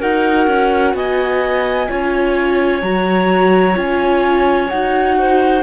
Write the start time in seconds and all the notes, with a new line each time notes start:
0.00 D#4 F#4 A#4 F#5
0.47 C#4
0.94 B3 D#5 G#5
1.88 C#4 F4 C#5
2.82 F#3 F#4 A#5
3.74 C#4 F4 G#5
4.69 D#4 F#4 F#5
5.18 C5